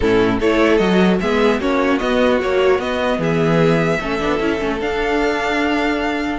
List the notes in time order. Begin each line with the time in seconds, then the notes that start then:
0.00 A2 C#4 E4 A4
0.39 A3 E4 A4 C#5
0.77 F#3 F#4 D#5
1.20 G#3 B3 G#4 E5
1.59 A#3 C#4 F#4 C#5
1.98 B3 D#5
2.39 F#3 A#3 C#5
2.79 B3 D#5
3.18 E3 G#4 E5
3.99 A3 C#4 A4
4.19 B3 D4
4.40 C#4 E4
4.58 A3 C#4
4.80 D4 F5